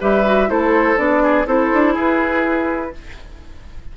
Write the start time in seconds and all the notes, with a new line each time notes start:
0.00 G3 G4 B4 E5
0.25 F#4
0.47 A3 E4 A4 C5
0.96 B3 D4 D5
1.23 G#4
1.46 C4 E4 A4 C5
1.73 D4
1.93 E4 G#4 B4